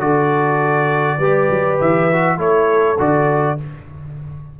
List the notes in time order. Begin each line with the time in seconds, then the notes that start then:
0.00 D3 F#4 A4 D5
1.18 G3 G4 B4
1.49 F#3
1.80 E3 E5
2.12 F#4
2.37 A3 E4 A4 C#5
2.98 D3 F#4 D5